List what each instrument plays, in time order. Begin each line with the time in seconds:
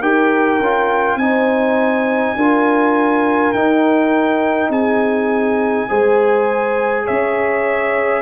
0.00 tuba D#4, trombone G4, horn A#4, trumpet G5
0.59 tuba C#4, trombone F4
1.15 tuba C4, trombone D#4, horn C5, trumpet G#5
2.36 tuba D4, trombone F4, horn A#4
3.52 tuba D#4, trombone D#4, trumpet G5
4.69 tuba C4, horn G#4, trumpet G#5
5.89 tuba G#3, trombone G#4, horn C5
7.04 tuba C#4, horn C#5, trumpet E5